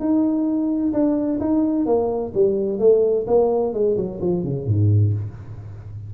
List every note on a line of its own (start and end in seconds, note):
0.00 0.93 D#4
0.93 1.40 D4
1.40 1.86 D#4
1.86 2.33 A#3
2.34 2.79 G3
2.79 3.26 A3
3.27 3.74 A#3
3.74 3.97 G#3
3.97 4.21 F#3
4.21 4.44 F3
4.44 4.67 C#3
4.67 5.14 G#2